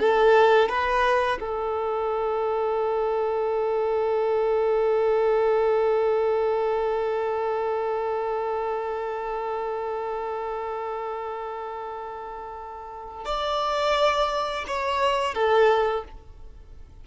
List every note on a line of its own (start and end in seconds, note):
0.00 0.69 A4
0.69 1.39 B4
1.40 13.26 A4
13.26 14.65 D5
14.68 15.35 C#5
15.35 16.04 A4